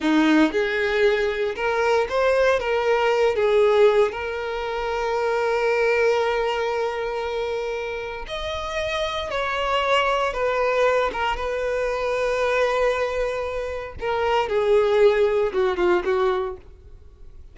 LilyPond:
\new Staff \with { instrumentName = "violin" } { \time 4/4 \tempo 4 = 116 dis'4 gis'2 ais'4 | c''4 ais'4. gis'4. | ais'1~ | ais'1 |
dis''2 cis''2 | b'4. ais'8 b'2~ | b'2. ais'4 | gis'2 fis'8 f'8 fis'4 | }